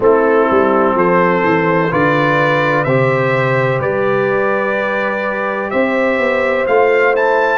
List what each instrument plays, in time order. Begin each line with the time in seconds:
0.00 tuba A3, trombone C4, horn E4, trumpet A4
0.51 tuba G3
0.94 tuba F3, horn A4, trumpet C5
1.43 tuba E3
1.90 tuba D3, trombone F4, horn B4, trumpet D5
2.84 tuba C3, trombone G4, horn C5, trumpet E5
3.79 tuba G3, horn B4, trumpet D5
5.70 tuba C4, horn C5, trumpet E5
6.18 tuba B3
6.66 tuba A3, trombone F4, trumpet F5
7.13 trombone E4, trumpet A5